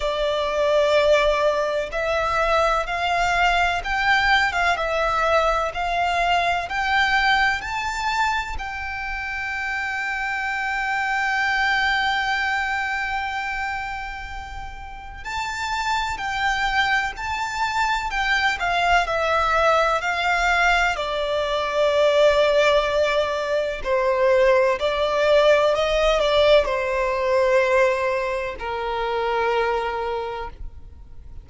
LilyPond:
\new Staff \with { instrumentName = "violin" } { \time 4/4 \tempo 4 = 63 d''2 e''4 f''4 | g''8. f''16 e''4 f''4 g''4 | a''4 g''2.~ | g''1 |
a''4 g''4 a''4 g''8 f''8 | e''4 f''4 d''2~ | d''4 c''4 d''4 dis''8 d''8 | c''2 ais'2 | }